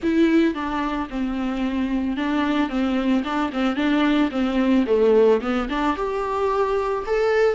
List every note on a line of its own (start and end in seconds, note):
0.02 0.54 E4
0.54 1.08 D4
1.09 2.16 C4
2.16 2.69 D4
2.69 3.23 C4
3.24 3.51 D4
3.53 3.76 C4
3.76 4.30 D4
4.31 4.85 C4
4.86 5.40 A3
5.41 5.68 B3
5.69 5.96 D4
5.96 7.04 G4
7.06 7.55 A4